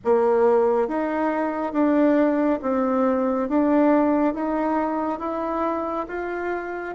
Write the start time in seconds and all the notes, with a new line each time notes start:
0.04 A#3
0.88 D#4
1.72 D4
2.62 C4
3.48 D4
4.34 D#4
5.19 E4
6.08 F4